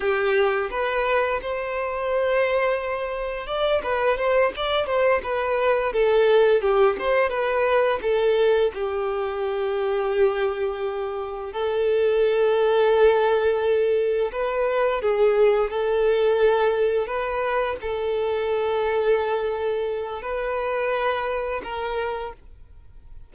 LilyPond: \new Staff \with { instrumentName = "violin" } { \time 4/4 \tempo 4 = 86 g'4 b'4 c''2~ | c''4 d''8 b'8 c''8 d''8 c''8 b'8~ | b'8 a'4 g'8 c''8 b'4 a'8~ | a'8 g'2.~ g'8~ |
g'8 a'2.~ a'8~ | a'8 b'4 gis'4 a'4.~ | a'8 b'4 a'2~ a'8~ | a'4 b'2 ais'4 | }